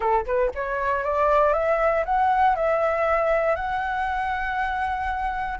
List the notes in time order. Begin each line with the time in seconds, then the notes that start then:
0.00 A4
0.25 B4
0.54 C#5
1.03 D5
1.53 E5
2.05 F#5
2.55 E5
3.55 F#5